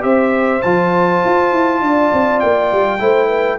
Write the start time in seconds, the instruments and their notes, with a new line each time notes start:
0.00 tuba C4, trombone G4, horn C5, trumpet E5
0.62 tuba F3, trombone F4, trumpet A5
1.24 tuba F4
1.52 tuba E4
1.81 tuba D4, horn D5
2.12 tuba C4
2.39 tuba A#3, trumpet G5
2.72 tuba G3
2.99 tuba A3, trombone E4, horn C5
3.27 horn B4